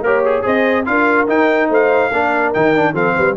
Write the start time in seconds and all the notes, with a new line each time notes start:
0.00 A#3 G4 A#4 C#5
0.25 G#4
0.42 C4 G#4 C5 D#5
0.85 D4 F4 A#4 F5
1.27 D#4 G5
1.69 A3 C5 F5
2.10 A#3 D4 A#4
2.53 D#3 D#4 G5
2.75 D4
2.93 F3 C4 A4 F5
3.15 G3 B4